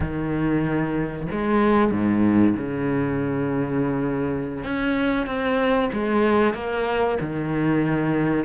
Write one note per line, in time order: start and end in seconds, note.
0.00 1.27 D#3
1.31 1.91 G#3
1.91 2.55 G#2
2.56 4.64 C#3
4.64 5.26 C#4
5.26 5.90 C4
5.92 6.54 G#3
6.54 7.18 A#3
7.20 8.44 D#3